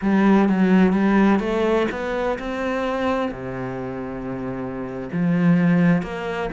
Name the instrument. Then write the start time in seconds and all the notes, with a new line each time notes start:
cello
0.01 G3
0.49 F#3
0.93 G3
1.39 A3
1.91 B3
2.39 C4
3.31 C3
5.12 F3
6.02 A#3